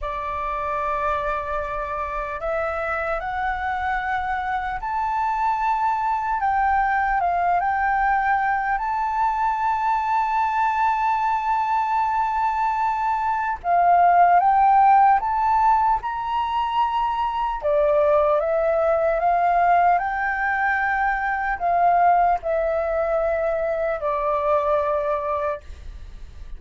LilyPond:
\new Staff \with { instrumentName = "flute" } { \time 4/4 \tempo 4 = 75 d''2. e''4 | fis''2 a''2 | g''4 f''8 g''4. a''4~ | a''1~ |
a''4 f''4 g''4 a''4 | ais''2 d''4 e''4 | f''4 g''2 f''4 | e''2 d''2 | }